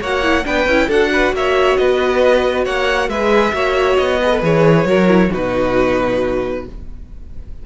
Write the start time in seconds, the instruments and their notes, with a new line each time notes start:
0.00 cello A#3, viola F#4, violin C#5 F#5
0.23 viola E4
0.44 cello B3, viola D4, violin B4 G5
0.66 cello C#4, viola E4
0.88 cello D4, viola F#4, violin A4 F#5
1.12 violin B4
1.33 cello A#3, violin C#5 E5
1.76 cello B3, violin B4 D#5
2.65 cello A#3, violin C#5 F#5
3.08 cello G#3, viola G#4, violin B4 E5
3.52 cello A#3, viola F#4, violin C#5
3.96 cello B3, violin D#5
4.21 viola G#4, violin B4
4.31 viola A4
4.41 cello E3, viola G#4, violin C#5
4.85 cello F#3, viola F#4, violin A#4
5.08 viola E4
5.30 cello B2, viola D#4, violin F#4 B4